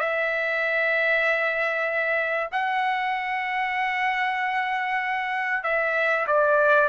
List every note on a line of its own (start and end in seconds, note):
0.00 2.50 E5
2.52 5.64 F#5
5.64 6.26 E5
6.28 6.89 D5